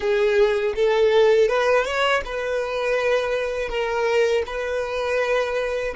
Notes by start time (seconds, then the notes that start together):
0.00 G#4
0.75 A4
1.48 B4
1.84 C#5
2.25 B4
3.68 A#4
4.46 B4